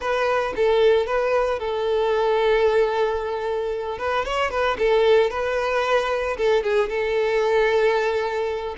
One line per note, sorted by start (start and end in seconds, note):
0.00 0.53 B4
0.56 1.06 A4
1.06 1.59 B4
1.59 3.98 A4
3.98 4.25 B4
4.25 4.50 C#5
4.50 4.77 B4
4.78 5.30 A4
5.30 6.36 B4
6.37 6.63 A4
6.63 6.89 G#4
6.89 8.75 A4